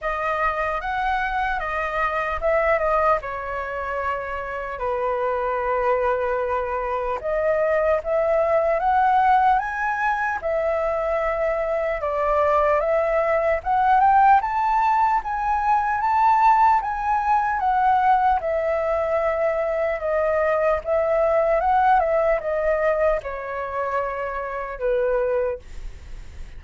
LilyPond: \new Staff \with { instrumentName = "flute" } { \time 4/4 \tempo 4 = 75 dis''4 fis''4 dis''4 e''8 dis''8 | cis''2 b'2~ | b'4 dis''4 e''4 fis''4 | gis''4 e''2 d''4 |
e''4 fis''8 g''8 a''4 gis''4 | a''4 gis''4 fis''4 e''4~ | e''4 dis''4 e''4 fis''8 e''8 | dis''4 cis''2 b'4 | }